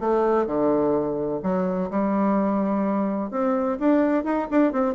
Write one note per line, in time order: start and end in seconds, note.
0.00 0.46 A3
0.46 1.41 D3
1.43 1.90 F#3
1.90 3.31 G3
3.31 3.78 C4
3.79 4.24 D4
4.24 4.48 D#4
4.51 4.72 D4
4.72 4.95 C4